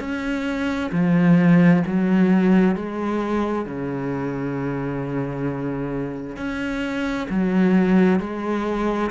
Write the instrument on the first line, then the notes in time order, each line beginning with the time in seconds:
cello
0.00 C#4
0.93 F3
1.86 F#3
2.76 G#3
3.66 C#3
6.37 C#4
7.30 F#3
8.20 G#3